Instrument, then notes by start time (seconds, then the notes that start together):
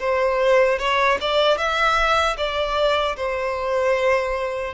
violin
0.00 C5
0.79 C#5
1.21 D5
1.58 E5
2.38 D5
3.17 C5